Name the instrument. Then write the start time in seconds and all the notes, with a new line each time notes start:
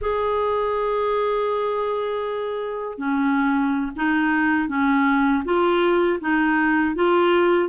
clarinet
0.01 G#4
2.98 C#4
3.95 D#4
4.68 C#4
5.44 F4
6.20 D#4
6.95 F4